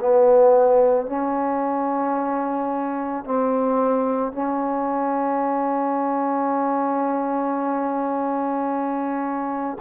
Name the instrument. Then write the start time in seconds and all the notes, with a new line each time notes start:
trombone
0.00 B3
1.07 C#4
3.25 C4
4.32 C#4